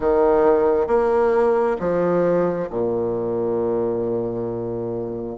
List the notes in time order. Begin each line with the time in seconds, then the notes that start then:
0.00 D#3
0.87 A#3
1.79 F3
2.70 A#2